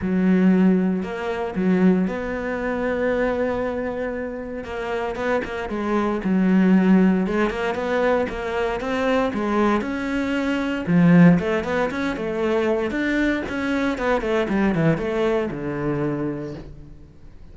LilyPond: \new Staff \with { instrumentName = "cello" } { \time 4/4 \tempo 4 = 116 fis2 ais4 fis4 | b1~ | b4 ais4 b8 ais8 gis4 | fis2 gis8 ais8 b4 |
ais4 c'4 gis4 cis'4~ | cis'4 f4 a8 b8 cis'8 a8~ | a4 d'4 cis'4 b8 a8 | g8 e8 a4 d2 | }